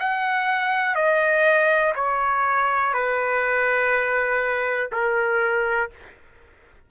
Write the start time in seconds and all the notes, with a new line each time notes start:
0.00 F#5
0.95 D#5
1.95 C#5
2.94 B4
4.92 A#4